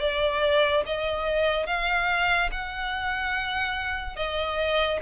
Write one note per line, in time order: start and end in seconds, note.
0.00 0.83 D5
0.86 1.66 D#5
1.66 2.50 F5
2.51 4.16 F#5
4.16 4.99 D#5